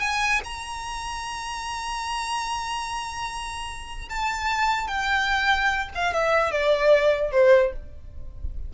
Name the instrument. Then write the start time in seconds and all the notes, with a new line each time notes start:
violin
0.00 G#5
0.44 A#5
4.09 A5
4.88 G5
5.95 F5
6.13 E5
6.51 D5
7.32 C5